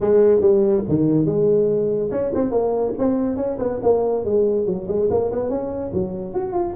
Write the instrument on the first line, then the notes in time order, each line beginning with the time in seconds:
tuba
0.00 G#3
0.41 G3
0.88 D#3
1.25 G#3
2.11 C#4
2.34 C4
2.51 A#3
2.98 C4
3.36 C#4
3.58 B3
3.82 A#3
4.24 G#3
4.66 F#3
4.87 G#3
5.10 A#3
5.31 B3
5.49 C#4
5.93 F#3
6.33 F#4
6.52 F4